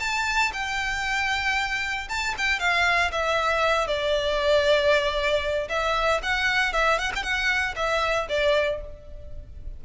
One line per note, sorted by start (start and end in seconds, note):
0.00 0.52 A5
0.53 2.08 G5
2.09 2.35 A5
2.38 2.60 G5
2.60 3.11 F5
3.12 3.87 E5
3.87 5.68 D5
5.69 6.21 E5
6.23 6.73 F#5
6.73 6.99 E5
6.99 7.12 F#5
7.16 7.23 G5
7.23 7.75 F#5
7.76 8.28 E5
8.29 8.81 D5